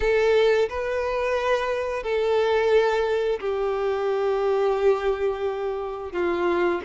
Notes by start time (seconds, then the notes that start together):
0.00 A4
0.69 B4
2.03 A4
3.40 G4
6.12 F4